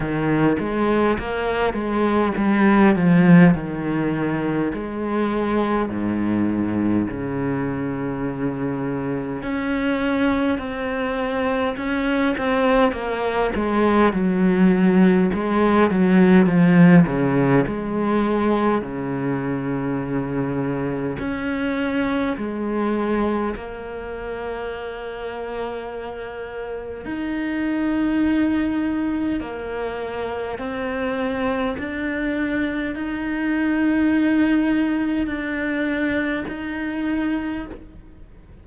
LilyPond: \new Staff \with { instrumentName = "cello" } { \time 4/4 \tempo 4 = 51 dis8 gis8 ais8 gis8 g8 f8 dis4 | gis4 gis,4 cis2 | cis'4 c'4 cis'8 c'8 ais8 gis8 | fis4 gis8 fis8 f8 cis8 gis4 |
cis2 cis'4 gis4 | ais2. dis'4~ | dis'4 ais4 c'4 d'4 | dis'2 d'4 dis'4 | }